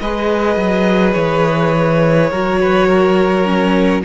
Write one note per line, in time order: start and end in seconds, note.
0.00 0.57 G#3
0.00 2.32 G#4
0.00 2.31 B4
0.00 1.13 D#5
0.57 1.14 F#3
1.13 2.31 E3
1.13 4.02 C#5
2.31 4.05 F#3
2.31 3.45 F#4
2.31 2.59 A#4
2.61 2.88 B4
2.88 4.03 A#4
3.45 4.03 C#4